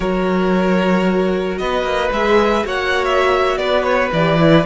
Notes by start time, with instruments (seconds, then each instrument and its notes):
0.00 cello F#3, viola F#4, violin A#4 C#5
1.58 cello B3, violin B4 D#5
1.83 cello A#3
2.11 cello G#3, viola G#4, violin E5
2.64 cello A#3, viola F#4, violin C#5 F#5
3.04 violin E5
3.57 cello B3, violin B4 D5
3.83 violin C#5
4.12 cello E3, viola G4, violin D5
4.37 viola E4